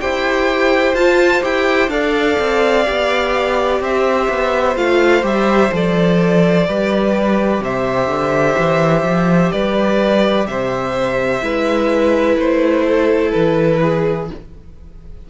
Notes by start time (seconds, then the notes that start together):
0.00 E4 G4 C5 G5
0.94 F4 A5
1.42 E4 G4 G5
1.88 D4 A4 D5 F5
2.39 C4
2.85 B3 G4
3.80 C4 C5 E5
4.29 B3
4.76 A3 F4 F5
5.22 G3 G4 E5
5.72 F3 A4 D5
6.67 G3 G4 B4
7.60 C3 C5 E5
8.07 D3
8.58 E3
9.03 F3
9.51 G3 B4 D5
10.47 C3 C5 E5
11.41 G#3 E4 B4
12.37 A3 C5
12.85 A4
13.31 E3 B4
13.82 G#4